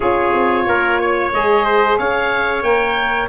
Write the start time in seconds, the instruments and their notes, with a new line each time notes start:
0.00 tuba C#4, saxophone F4, trumpet G#4, oboe C#5
0.33 tuba C4
0.66 tuba A#3, trumpet A#4
0.99 trumpet C#5
1.32 tuba G#3, saxophone G#4, oboe D#5
1.65 trumpet C5
1.98 tuba C#4, trumpet C#5, oboe F5
2.62 tuba A#3, saxophone A#4, oboe G5